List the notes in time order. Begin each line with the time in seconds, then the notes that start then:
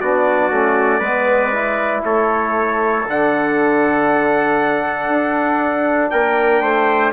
0.00 B3 D4 F#4 D5
0.50 A3 C#4
0.99 G#3 B3 B4
1.52 E4
2.04 A3 A4 C#5
3.07 D3 D4 F#5
5.09 D4
6.10 A#3 A#4 G5
6.61 A3 C5